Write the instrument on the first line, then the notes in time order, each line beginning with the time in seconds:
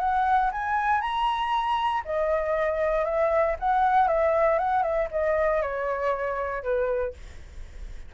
flute
0.00 F#5
0.52 G#5
1.01 A#5
2.06 D#5
3.06 E5
3.60 F#5
4.08 E5
4.59 F#5
4.83 E5
5.11 D#5
5.63 C#5
6.64 B4